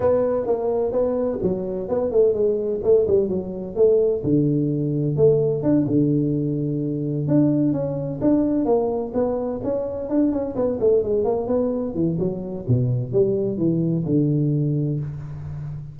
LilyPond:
\new Staff \with { instrumentName = "tuba" } { \time 4/4 \tempo 4 = 128 b4 ais4 b4 fis4 | b8 a8 gis4 a8 g8 fis4 | a4 d2 a4 | d'8 d2. d'8~ |
d'8 cis'4 d'4 ais4 b8~ | b8 cis'4 d'8 cis'8 b8 a8 gis8 | ais8 b4 e8 fis4 b,4 | g4 e4 d2 | }